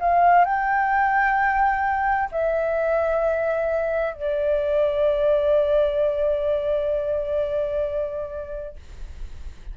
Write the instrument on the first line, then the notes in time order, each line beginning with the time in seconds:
flute
0.00 F5
0.45 G5
2.31 E5
4.14 D5